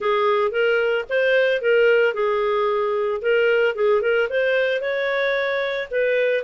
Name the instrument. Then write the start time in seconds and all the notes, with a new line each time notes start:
clarinet
0.00 G#4
0.51 A#4
1.09 C5
1.61 A#4
2.14 G#4
3.21 A#4
3.75 G#4
4.01 A#4
4.29 C5
4.81 C#5
5.91 B4